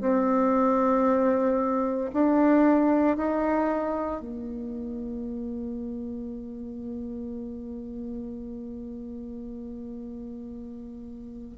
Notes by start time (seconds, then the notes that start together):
0.00 C4
2.13 D4
3.17 D#4
4.21 A#3